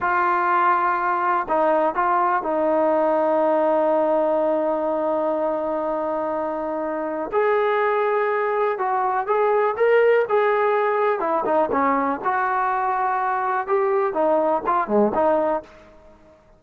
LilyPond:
\new Staff \with { instrumentName = "trombone" } { \time 4/4 \tempo 4 = 123 f'2. dis'4 | f'4 dis'2.~ | dis'1~ | dis'2. gis'4~ |
gis'2 fis'4 gis'4 | ais'4 gis'2 e'8 dis'8 | cis'4 fis'2. | g'4 dis'4 f'8 gis8 dis'4 | }